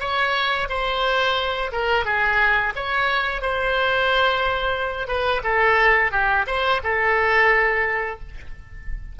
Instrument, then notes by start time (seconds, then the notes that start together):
oboe
0.00 C#5
0.69 C5
1.72 A#4
2.05 G#4
2.76 C#5
3.42 C5
5.08 B4
5.44 A4
6.12 G4
6.47 C5
6.83 A4